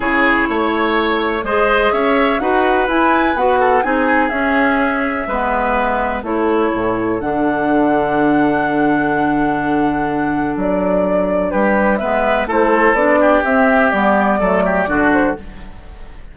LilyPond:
<<
  \new Staff \with { instrumentName = "flute" } { \time 4/4 \tempo 4 = 125 cis''2. dis''4 | e''4 fis''4 gis''4 fis''4 | gis''4 e''2.~ | e''4 cis''2 fis''4~ |
fis''1~ | fis''2 d''2 | b'4 e''4 c''4 d''4 | e''4 d''2~ d''8 c''8 | }
  \new Staff \with { instrumentName = "oboe" } { \time 4/4 gis'4 cis''2 c''4 | cis''4 b'2~ b'8 a'8 | gis'2. b'4~ | b'4 a'2.~ |
a'1~ | a'1 | g'4 b'4 a'4. g'8~ | g'2 a'8 g'8 fis'4 | }
  \new Staff \with { instrumentName = "clarinet" } { \time 4/4 e'2. gis'4~ | gis'4 fis'4 e'4 fis'4 | dis'4 cis'2 b4~ | b4 e'2 d'4~ |
d'1~ | d'1~ | d'4 b4 e'4 d'4 | c'4 b4 a4 d'4 | }
  \new Staff \with { instrumentName = "bassoon" } { \time 4/4 cis4 a2 gis4 | cis'4 dis'4 e'4 b4 | c'4 cis'2 gis4~ | gis4 a4 a,4 d4~ |
d1~ | d2 fis2 | g4 gis4 a4 b4 | c'4 g4 fis4 d4 | }
>>